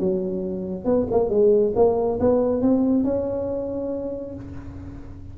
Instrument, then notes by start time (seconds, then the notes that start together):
tuba
0.00 F#3
0.85 B3
1.12 A#3
1.30 G#3
1.76 A#3
2.20 B3
2.62 C4
3.05 C#4